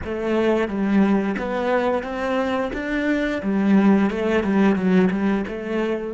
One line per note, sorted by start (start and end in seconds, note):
0.04 0.68 A3
0.68 1.36 G3
1.38 2.03 B3
2.03 2.71 C4
2.73 3.41 D4
3.42 4.10 G3
4.10 4.43 A3
4.43 4.75 G3
4.75 5.10 F#3
5.10 5.44 G3
5.47 6.13 A3